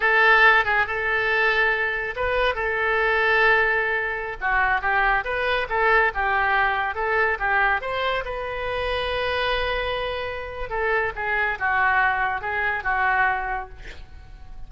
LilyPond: \new Staff \with { instrumentName = "oboe" } { \time 4/4 \tempo 4 = 140 a'4. gis'8 a'2~ | a'4 b'4 a'2~ | a'2~ a'16 fis'4 g'8.~ | g'16 b'4 a'4 g'4.~ g'16~ |
g'16 a'4 g'4 c''4 b'8.~ | b'1~ | b'4 a'4 gis'4 fis'4~ | fis'4 gis'4 fis'2 | }